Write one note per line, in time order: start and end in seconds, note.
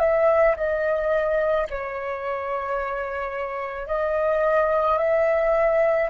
0.00 0.56 E5
0.57 1.68 D#5
1.71 3.88 C#5
3.88 4.98 D#5
4.98 6.10 E5